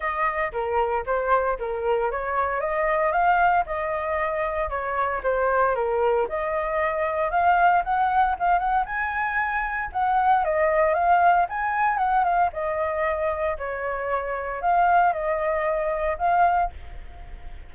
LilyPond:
\new Staff \with { instrumentName = "flute" } { \time 4/4 \tempo 4 = 115 dis''4 ais'4 c''4 ais'4 | cis''4 dis''4 f''4 dis''4~ | dis''4 cis''4 c''4 ais'4 | dis''2 f''4 fis''4 |
f''8 fis''8 gis''2 fis''4 | dis''4 f''4 gis''4 fis''8 f''8 | dis''2 cis''2 | f''4 dis''2 f''4 | }